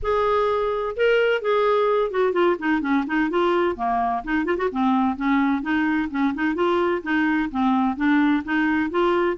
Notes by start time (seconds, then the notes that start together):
0.02 G#4
0.96 A#4
1.41 G#4
2.10 F#4
2.32 F4
2.59 D#4
2.81 C#4
3.07 D#4
3.30 F4
3.76 A#3
4.23 D#4
4.45 F4
4.57 F#4
4.71 C4
5.16 C#4
5.62 D#4
6.10 C#4
6.34 D#4
6.55 F4
7.02 D#4
7.50 C4
7.96 D4
8.44 D#4
8.90 F4